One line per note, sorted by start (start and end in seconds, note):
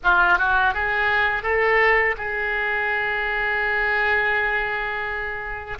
0.03 0.38 F4
0.38 0.74 F#4
0.74 1.42 G#4
1.42 2.15 A4
2.17 5.78 G#4